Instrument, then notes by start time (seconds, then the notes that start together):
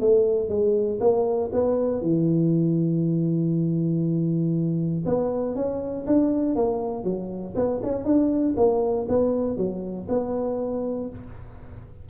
tuba
0.00 A3
0.49 G#3
1.00 A#3
1.52 B3
2.01 E3
5.05 B3
5.55 C#4
6.06 D4
6.55 A#3
7.03 F#3
7.55 B3
7.83 C#4
8.04 D4
8.56 A#3
9.08 B3
9.57 F#3
10.08 B3